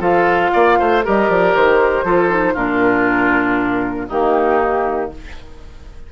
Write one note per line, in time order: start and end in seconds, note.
0.00 0.51 F3
0.00 1.03 F4
0.00 0.51 A4
0.00 1.04 F5
0.53 0.80 A#3
0.53 0.79 D5
0.80 1.05 A3
0.80 1.05 C5
1.04 1.29 G3
1.04 2.06 G4
1.04 2.05 A#4
1.04 1.31 D#5
1.29 1.54 F3
1.29 1.56 D5
1.56 2.04 D#3
1.56 2.56 C5
2.04 2.55 F3
2.04 2.29 F4
2.04 2.54 A4
2.29 2.55 D#4
2.54 4.08 A#2
2.54 4.08 D4
2.54 4.06 F4
2.54 4.09 A#4
4.09 5.12 D#3
4.09 5.12 A#3
4.09 5.11 D#4
4.09 5.12 G4